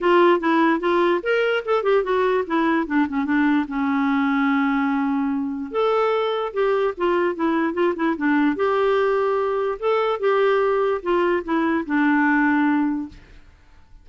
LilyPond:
\new Staff \with { instrumentName = "clarinet" } { \time 4/4 \tempo 4 = 147 f'4 e'4 f'4 ais'4 | a'8 g'8 fis'4 e'4 d'8 cis'8 | d'4 cis'2.~ | cis'2 a'2 |
g'4 f'4 e'4 f'8 e'8 | d'4 g'2. | a'4 g'2 f'4 | e'4 d'2. | }